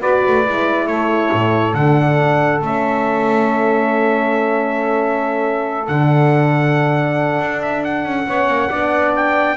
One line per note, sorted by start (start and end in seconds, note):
0.00 0.23 B3
0.00 0.44 F#4
0.00 0.87 B4
0.00 0.87 D5
0.28 0.48 A3
0.45 0.87 G#3
0.45 1.75 E4
0.87 1.30 A3
0.87 8.27 A4
0.87 1.74 C#5
1.32 1.74 A2
1.74 2.61 D3
1.74 2.61 D4
1.74 2.61 F#5
2.61 5.88 A3
2.61 5.87 C#4
2.61 5.88 E5
5.88 7.40 D3
5.88 8.28 D4
5.88 7.62 F#5
7.40 8.05 D4
7.62 7.84 E5
7.84 9.15 F#5
8.05 8.27 C#4
8.27 8.48 B3
8.27 8.71 C#4
8.27 8.69 C#5
8.48 8.70 A#3
8.69 9.57 B3
8.69 9.57 D4
8.69 9.56 D5
9.16 9.57 G5